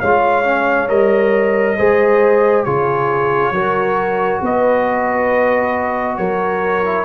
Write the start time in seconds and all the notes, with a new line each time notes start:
0.00 G#3 F4 C#5 F5
0.44 C#4
0.88 G3 A#4 D#5
1.76 G#3 G#4 C5
2.64 C#3 F4 G#4 C#5
3.51 F#3 F#4 A#4
4.41 B3 B4 D#5
6.17 F#3 A#4 C#5
6.84 E4